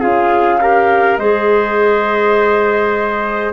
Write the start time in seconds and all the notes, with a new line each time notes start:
0.00 C#4 F4 G#4 F5
0.61 G4 A#4
1.17 G#3 G#4 C5 D#5